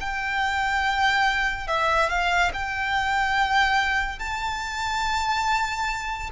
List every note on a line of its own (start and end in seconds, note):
0.00 1.67 G5
1.67 2.09 E5
2.09 2.51 F5
2.53 4.19 G5
4.19 6.30 A5